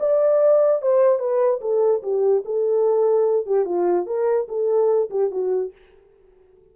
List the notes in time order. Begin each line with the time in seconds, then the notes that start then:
0.00 D5
0.82 C5
1.19 B4
1.61 A4
2.03 G4
2.45 A4
3.47 G4
3.65 F4
4.06 A#4
4.49 A4
5.11 G4
5.31 F#4